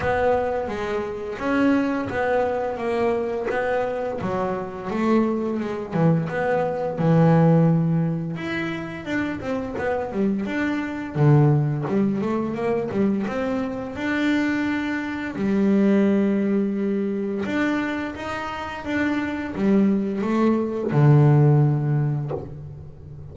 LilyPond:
\new Staff \with { instrumentName = "double bass" } { \time 4/4 \tempo 4 = 86 b4 gis4 cis'4 b4 | ais4 b4 fis4 a4 | gis8 e8 b4 e2 | e'4 d'8 c'8 b8 g8 d'4 |
d4 g8 a8 ais8 g8 c'4 | d'2 g2~ | g4 d'4 dis'4 d'4 | g4 a4 d2 | }